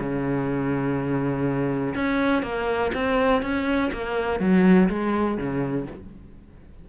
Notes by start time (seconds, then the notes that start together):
0.00 C#3
1.95 C#4
2.43 A#3
2.95 C4
3.42 C#4
3.93 A#3
4.40 F#3
4.89 G#3
5.38 C#3